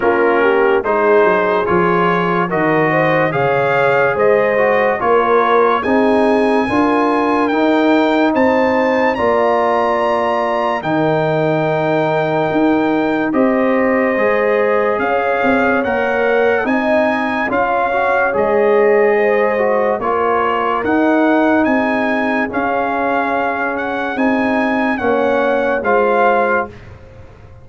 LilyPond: <<
  \new Staff \with { instrumentName = "trumpet" } { \time 4/4 \tempo 4 = 72 ais'4 c''4 cis''4 dis''4 | f''4 dis''4 cis''4 gis''4~ | gis''4 g''4 a''4 ais''4~ | ais''4 g''2. |
dis''2 f''4 fis''4 | gis''4 f''4 dis''2 | cis''4 fis''4 gis''4 f''4~ | f''8 fis''8 gis''4 fis''4 f''4 | }
  \new Staff \with { instrumentName = "horn" } { \time 4/4 f'8 g'8 gis'2 ais'8 c''8 | cis''4 c''4 ais'4 gis'4 | ais'2 c''4 d''4~ | d''4 ais'2. |
c''2 cis''2 | dis''4 cis''2 c''4 | ais'2 gis'2~ | gis'2 cis''4 c''4 | }
  \new Staff \with { instrumentName = "trombone" } { \time 4/4 cis'4 dis'4 f'4 fis'4 | gis'4. fis'8 f'4 dis'4 | f'4 dis'2 f'4~ | f'4 dis'2. |
g'4 gis'2 ais'4 | dis'4 f'8 fis'8 gis'4. fis'8 | f'4 dis'2 cis'4~ | cis'4 dis'4 cis'4 f'4 | }
  \new Staff \with { instrumentName = "tuba" } { \time 4/4 ais4 gis8 fis8 f4 dis4 | cis4 gis4 ais4 c'4 | d'4 dis'4 c'4 ais4~ | ais4 dis2 dis'4 |
c'4 gis4 cis'8 c'8 ais4 | c'4 cis'4 gis2 | ais4 dis'4 c'4 cis'4~ | cis'4 c'4 ais4 gis4 | }
>>